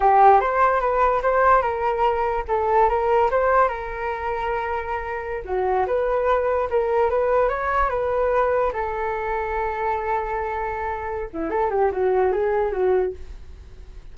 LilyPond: \new Staff \with { instrumentName = "flute" } { \time 4/4 \tempo 4 = 146 g'4 c''4 b'4 c''4 | ais'2 a'4 ais'4 | c''4 ais'2.~ | ais'4~ ais'16 fis'4 b'4.~ b'16~ |
b'16 ais'4 b'4 cis''4 b'8.~ | b'4~ b'16 a'2~ a'8.~ | a'2.~ a'8 e'8 | a'8 g'8 fis'4 gis'4 fis'4 | }